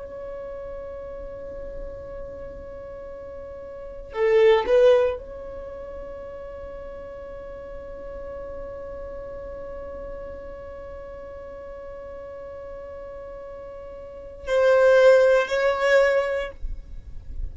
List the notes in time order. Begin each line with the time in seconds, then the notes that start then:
0.00 C#5
4.13 A4
4.67 B4
5.18 C#5
14.48 C5
15.48 C#5